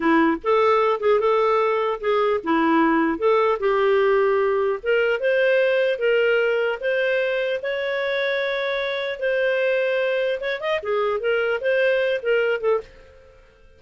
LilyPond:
\new Staff \with { instrumentName = "clarinet" } { \time 4/4 \tempo 4 = 150 e'4 a'4. gis'8 a'4~ | a'4 gis'4 e'2 | a'4 g'2. | ais'4 c''2 ais'4~ |
ais'4 c''2 cis''4~ | cis''2. c''4~ | c''2 cis''8 dis''8 gis'4 | ais'4 c''4. ais'4 a'8 | }